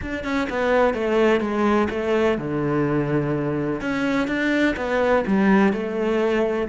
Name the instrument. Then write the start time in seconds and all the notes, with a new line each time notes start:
cello
0.01 D4
0.23 C#4
0.49 B3
0.94 A3
1.40 G#3
1.90 A3
2.38 D3
3.80 C#4
4.27 D4
4.76 B3
5.26 G3
5.72 A3